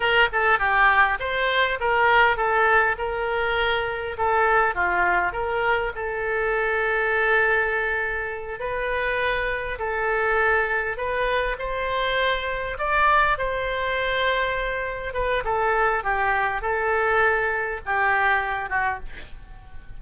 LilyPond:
\new Staff \with { instrumentName = "oboe" } { \time 4/4 \tempo 4 = 101 ais'8 a'8 g'4 c''4 ais'4 | a'4 ais'2 a'4 | f'4 ais'4 a'2~ | a'2~ a'8 b'4.~ |
b'8 a'2 b'4 c''8~ | c''4. d''4 c''4.~ | c''4. b'8 a'4 g'4 | a'2 g'4. fis'8 | }